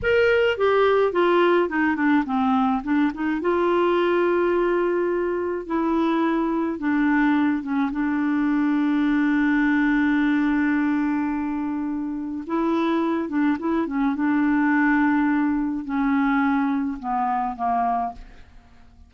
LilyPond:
\new Staff \with { instrumentName = "clarinet" } { \time 4/4 \tempo 4 = 106 ais'4 g'4 f'4 dis'8 d'8 | c'4 d'8 dis'8 f'2~ | f'2 e'2 | d'4. cis'8 d'2~ |
d'1~ | d'2 e'4. d'8 | e'8 cis'8 d'2. | cis'2 b4 ais4 | }